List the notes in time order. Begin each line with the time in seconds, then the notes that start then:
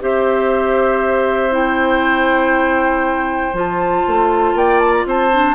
0.00 C4 G4 C5 E5
1.51 E4 G5
3.53 F3 F4 A5
4.07 A3
4.54 A#3 D5 G5
4.79 A5
4.91 A#5
5.05 C4 C5 A5
5.31 D4